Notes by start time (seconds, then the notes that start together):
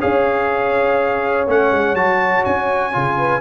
0.00 C#4 G#4 C#5 F5
1.48 A3 C#4 F#5
1.72 G#3
1.94 F#3 F#4 A5
2.45 C#4 G#5
2.93 C#3 F4
3.17 B4